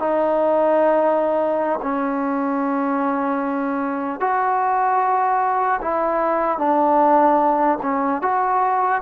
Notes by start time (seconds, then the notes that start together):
0.00 D#4
1.83 C#4
4.20 F#4
5.82 E4
6.59 D4
7.83 C#4
8.22 F#4